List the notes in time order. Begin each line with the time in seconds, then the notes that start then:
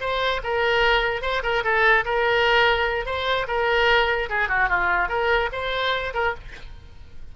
0.00 C5
0.43 A#4
1.22 C5
1.43 A#4
1.63 A4
2.05 A#4
3.06 C5
3.47 A#4
4.29 G#4
4.48 F#4
4.69 F4
5.08 A#4
5.52 C5
6.13 A#4